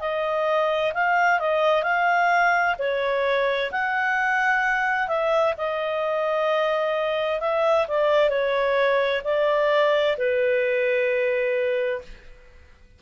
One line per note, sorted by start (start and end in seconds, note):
0.00 0.92 D#5
0.94 1.39 F5
1.39 1.83 D#5
1.83 2.75 F5
2.78 3.70 C#5
3.71 5.07 F#5
5.07 5.53 E5
5.57 7.40 D#5
7.40 7.86 E5
7.88 8.29 D5
8.29 9.21 C#5
9.24 10.16 D5
10.17 12.01 B4